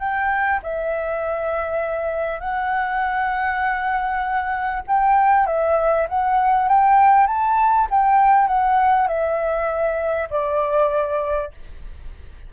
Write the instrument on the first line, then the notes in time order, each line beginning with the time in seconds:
flute
0.00 G5
0.63 E5
2.40 F#5
4.88 G5
5.47 E5
6.09 F#5
6.69 G5
7.28 A5
7.91 G5
8.48 F#5
9.08 E5
10.30 D5